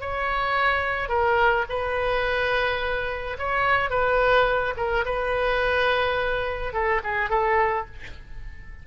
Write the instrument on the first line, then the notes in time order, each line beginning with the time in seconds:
oboe
0.00 C#5
1.09 A#4
1.69 B4
3.38 C#5
3.90 B4
4.76 A#4
5.05 B4
6.73 A4
7.03 G#4
7.29 A4